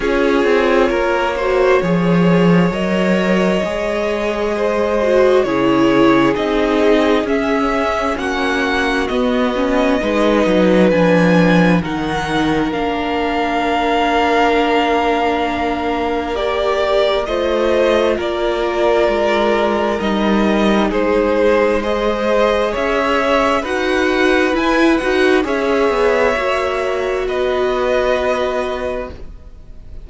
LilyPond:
<<
  \new Staff \with { instrumentName = "violin" } { \time 4/4 \tempo 4 = 66 cis''2. dis''4~ | dis''2 cis''4 dis''4 | e''4 fis''4 dis''2 | gis''4 fis''4 f''2~ |
f''2 d''4 dis''4 | d''2 dis''4 c''4 | dis''4 e''4 fis''4 gis''8 fis''8 | e''2 dis''2 | }
  \new Staff \with { instrumentName = "violin" } { \time 4/4 gis'4 ais'8 c''8 cis''2~ | cis''4 c''4 gis'2~ | gis'4 fis'2 b'4~ | b'4 ais'2.~ |
ais'2. c''4 | ais'2. gis'4 | c''4 cis''4 b'2 | cis''2 b'2 | }
  \new Staff \with { instrumentName = "viola" } { \time 4/4 f'4. fis'8 gis'4 ais'4 | gis'4. fis'8 e'4 dis'4 | cis'2 b8 cis'8 dis'4 | d'4 dis'4 d'2~ |
d'2 g'4 f'4~ | f'2 dis'2 | gis'2 fis'4 e'8 fis'8 | gis'4 fis'2. | }
  \new Staff \with { instrumentName = "cello" } { \time 4/4 cis'8 c'8 ais4 f4 fis4 | gis2 cis4 c'4 | cis'4 ais4 b4 gis8 fis8 | f4 dis4 ais2~ |
ais2. a4 | ais4 gis4 g4 gis4~ | gis4 cis'4 dis'4 e'8 dis'8 | cis'8 b8 ais4 b2 | }
>>